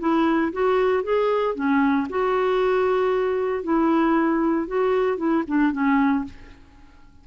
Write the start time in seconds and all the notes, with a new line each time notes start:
0.00 E4
0.52 F#4
1.03 G#4
1.55 C#4
2.09 F#4
3.63 E4
4.67 F#4
5.17 E4
5.47 D4
5.72 C#4